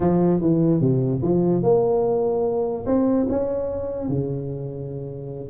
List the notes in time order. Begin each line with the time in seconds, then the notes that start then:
0.00 F3
0.41 E3
0.80 C3
1.22 F3
1.62 A#3
2.86 C4
3.29 C#4
4.08 C#3